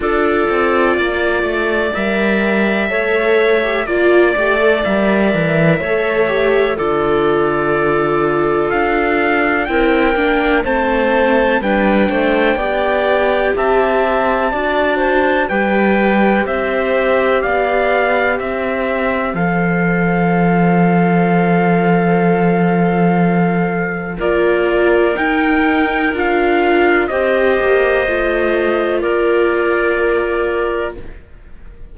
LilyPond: <<
  \new Staff \with { instrumentName = "trumpet" } { \time 4/4 \tempo 4 = 62 d''2 e''2 | d''4 e''2 d''4~ | d''4 f''4 g''4 a''4 | g''2 a''2 |
g''4 e''4 f''4 e''4 | f''1~ | f''4 d''4 g''4 f''4 | dis''2 d''2 | }
  \new Staff \with { instrumentName = "clarinet" } { \time 4/4 a'4 d''2 cis''4 | d''2 cis''4 a'4~ | a'2 ais'4 c''4 | b'8 c''8 d''4 e''4 d''8 c''8 |
b'4 c''4 d''4 c''4~ | c''1~ | c''4 ais'2. | c''2 ais'2 | }
  \new Staff \with { instrumentName = "viola" } { \time 4/4 f'2 ais'4 a'8. g'16 | f'8 g'16 a'16 ais'4 a'8 g'8 f'4~ | f'2 e'8 d'8 c'4 | d'4 g'2 fis'4 |
g'1 | a'1~ | a'4 f'4 dis'4 f'4 | g'4 f'2. | }
  \new Staff \with { instrumentName = "cello" } { \time 4/4 d'8 c'8 ais8 a8 g4 a4 | ais8 a8 g8 e8 a4 d4~ | d4 d'4 c'8 ais8 a4 | g8 a8 b4 c'4 d'4 |
g4 c'4 b4 c'4 | f1~ | f4 ais4 dis'4 d'4 | c'8 ais8 a4 ais2 | }
>>